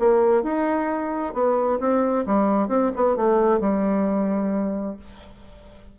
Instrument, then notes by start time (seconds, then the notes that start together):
bassoon
0.00 A#3
0.43 D#4
1.34 B3
1.80 C4
2.26 G3
2.69 C4
2.96 B3
3.17 A3
3.61 G3